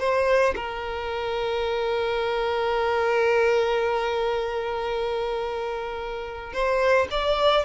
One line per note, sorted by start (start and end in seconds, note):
0.00 0.55 C5
0.56 6.53 A#4
6.53 7.08 C5
7.11 7.65 D5